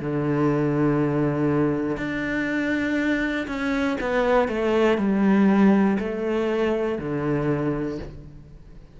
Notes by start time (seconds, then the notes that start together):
0.00 D3
1.97 D4
3.47 C#4
4.00 B3
4.48 A3
4.98 G3
5.99 A3
6.98 D3